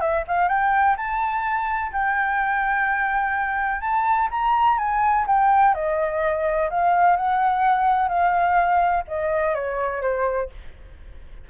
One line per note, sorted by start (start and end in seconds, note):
0.00 0.24 E5
0.27 0.48 F5
0.48 0.96 G5
0.97 1.92 A5
1.92 3.81 G5
3.81 4.28 A5
4.31 4.78 A#5
4.78 5.26 G#5
5.27 5.74 G5
5.74 6.69 D#5
6.70 7.16 F5
7.16 8.08 F#5
8.08 9.04 F5
9.08 9.55 D#5
9.55 10.02 C#5
10.02 10.49 C5